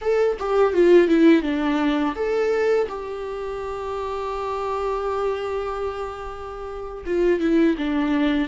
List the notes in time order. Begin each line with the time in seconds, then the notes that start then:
0.01 A4
0.39 G4
0.73 F4
1.07 E4
1.42 D4
2.15 A4
2.88 G4
7.05 F4
7.39 E4
7.77 D4